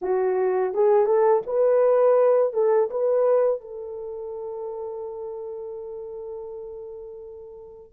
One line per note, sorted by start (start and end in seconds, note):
0.01 0.74 F#4
0.74 1.05 G#4
1.05 1.42 A4
1.46 2.53 B4
2.53 2.89 A4
2.90 3.60 B4
3.60 7.93 A4